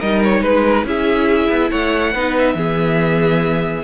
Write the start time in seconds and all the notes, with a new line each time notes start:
0.00 G3 D#4 A#4 D#5
0.24 C#5
0.41 G#3 B4
0.65 A#4
0.85 C#4 E4 G#4 E5
1.50 B3
1.71 A3 C#5 F#5
2.13 B3 D#4 B4
2.38 E5
2.55 E3 B3 G#4